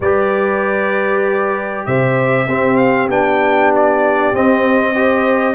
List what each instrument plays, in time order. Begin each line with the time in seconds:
0.00 tuba G3, trombone G4, horn B4, trumpet D5
1.85 tuba C3, horn C5, trumpet E5
2.46 tuba C4, trombone C4, horn G4
2.76 trumpet F5
3.08 tuba B3, trombone D4, trumpet G5
3.75 trumpet D5
4.32 tuba C4, trombone C4, trumpet D#5
4.93 trombone G4, horn C5